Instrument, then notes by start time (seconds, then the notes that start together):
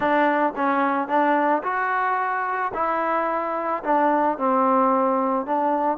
trombone
0.00 D4
0.56 C#4
1.08 D4
1.63 F#4
2.73 E4
3.83 D4
4.38 C4
5.45 D4